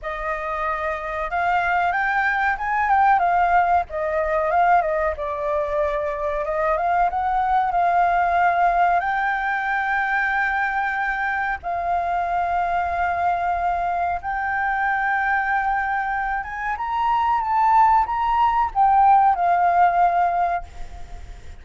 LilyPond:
\new Staff \with { instrumentName = "flute" } { \time 4/4 \tempo 4 = 93 dis''2 f''4 g''4 | gis''8 g''8 f''4 dis''4 f''8 dis''8 | d''2 dis''8 f''8 fis''4 | f''2 g''2~ |
g''2 f''2~ | f''2 g''2~ | g''4. gis''8 ais''4 a''4 | ais''4 g''4 f''2 | }